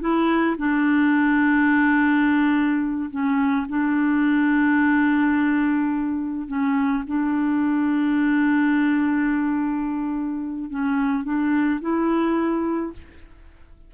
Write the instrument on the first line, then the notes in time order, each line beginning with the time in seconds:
clarinet
0.00 E4
0.58 D4
3.10 C#4
3.68 D4
6.47 C#4
7.07 D4
10.70 C#4
11.24 D4
11.80 E4